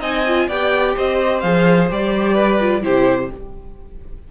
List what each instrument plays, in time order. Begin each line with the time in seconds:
0.00 cello C4, viola D#4, violin D#5 G#5
0.27 viola F4
0.48 cello B3, viola G4, violin D5 G5
0.96 cello C4, violin C5 D#5
1.40 cello F3, viola G#4, violin F5
1.90 cello G3, viola G4, violin D5
2.34 violin B4
2.60 viola F4
2.82 cello C3, viola E4, violin G4 C5